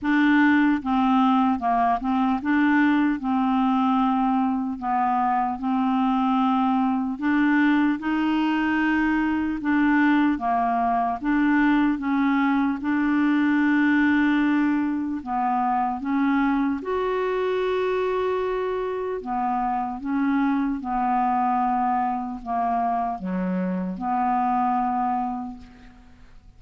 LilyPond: \new Staff \with { instrumentName = "clarinet" } { \time 4/4 \tempo 4 = 75 d'4 c'4 ais8 c'8 d'4 | c'2 b4 c'4~ | c'4 d'4 dis'2 | d'4 ais4 d'4 cis'4 |
d'2. b4 | cis'4 fis'2. | b4 cis'4 b2 | ais4 fis4 b2 | }